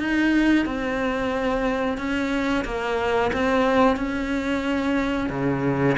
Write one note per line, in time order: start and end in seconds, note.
0.00 0.66 D#4
0.66 1.98 C4
1.98 2.65 C#4
2.65 3.32 A#3
3.33 3.97 C4
3.97 5.30 C#4
5.30 5.97 C#3